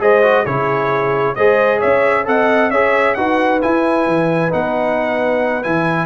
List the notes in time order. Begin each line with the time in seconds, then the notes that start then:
0.00 G#3 G#4 C5 D#5
0.23 F#4
0.44 C#3 E4 G#4 C#5
1.35 G#3 G#4 C5 D#5
1.79 C#4 C#5 E5
2.25 C4 A4 D#5 F#5
2.71 C#4 G#4 C#5 E5
3.14 D#4 F#4 B4 F#5
3.61 E4 G#5
4.07 E3
4.50 B3 D#4 F#5
5.63 E3 E4 G#5